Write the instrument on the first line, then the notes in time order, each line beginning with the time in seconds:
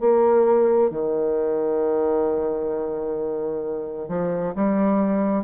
bassoon
0.00 A#3
0.91 D#3
4.09 F3
4.55 G3